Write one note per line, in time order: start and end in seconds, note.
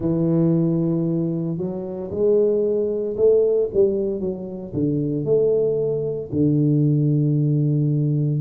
0.00 1.57 E3
1.57 2.10 F#3
2.11 3.16 G#3
3.16 3.69 A3
3.73 4.20 G3
4.20 4.72 F#3
4.73 5.24 D3
5.24 6.30 A3
6.32 8.40 D3